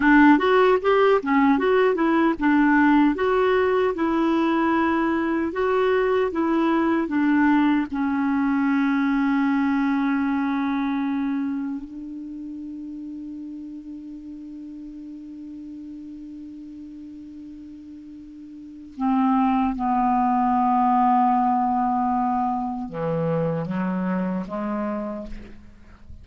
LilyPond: \new Staff \with { instrumentName = "clarinet" } { \time 4/4 \tempo 4 = 76 d'8 fis'8 g'8 cis'8 fis'8 e'8 d'4 | fis'4 e'2 fis'4 | e'4 d'4 cis'2~ | cis'2. d'4~ |
d'1~ | d'1 | c'4 b2.~ | b4 e4 fis4 gis4 | }